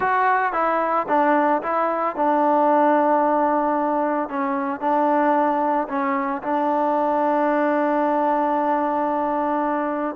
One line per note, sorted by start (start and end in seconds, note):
0.00 0.53 F#4
0.53 1.06 E4
1.08 1.62 D4
1.62 2.16 E4
2.16 4.29 D4
4.29 4.80 C#4
4.80 5.87 D4
5.88 6.41 C#4
6.42 10.15 D4